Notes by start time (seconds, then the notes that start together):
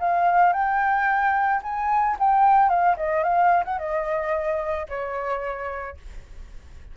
0.00 F5
0.53 G5
1.63 G#5
2.20 G5
2.70 F5
2.97 D#5
3.24 F5
3.65 F#5
3.79 D#5
4.89 C#5